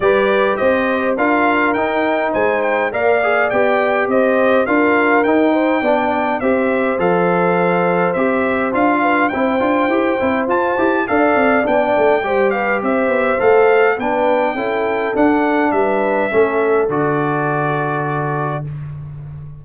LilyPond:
<<
  \new Staff \with { instrumentName = "trumpet" } { \time 4/4 \tempo 4 = 103 d''4 dis''4 f''4 g''4 | gis''8 g''8 f''4 g''4 dis''4 | f''4 g''2 e''4 | f''2 e''4 f''4 |
g''2 a''4 f''4 | g''4. f''8 e''4 f''4 | g''2 fis''4 e''4~ | e''4 d''2. | }
  \new Staff \with { instrumentName = "horn" } { \time 4/4 b'4 c''4 ais'2 | c''4 d''2 c''4 | ais'4. c''8 d''4 c''4~ | c''2.~ c''8 b'8 |
c''2. d''4~ | d''4 c''8 b'8 c''2 | b'4 a'2 b'4 | a'1 | }
  \new Staff \with { instrumentName = "trombone" } { \time 4/4 g'2 f'4 dis'4~ | dis'4 ais'8 gis'8 g'2 | f'4 dis'4 d'4 g'4 | a'2 g'4 f'4 |
e'8 f'8 g'8 e'8 f'8 g'8 a'4 | d'4 g'2 a'4 | d'4 e'4 d'2 | cis'4 fis'2. | }
  \new Staff \with { instrumentName = "tuba" } { \time 4/4 g4 c'4 d'4 dis'4 | gis4 ais4 b4 c'4 | d'4 dis'4 b4 c'4 | f2 c'4 d'4 |
c'8 d'8 e'8 c'8 f'8 e'8 d'8 c'8 | b8 a8 g4 c'8 b8 a4 | b4 cis'4 d'4 g4 | a4 d2. | }
>>